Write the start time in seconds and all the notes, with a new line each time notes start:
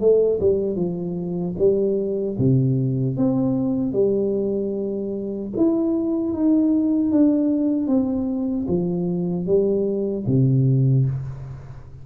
0.00 A3
0.40 G3
0.76 F3
1.58 G3
2.38 C3
3.17 C4
3.93 G3
5.57 E4
6.33 D#4
7.11 D4
7.87 C4
8.68 F3
9.46 G3
10.27 C3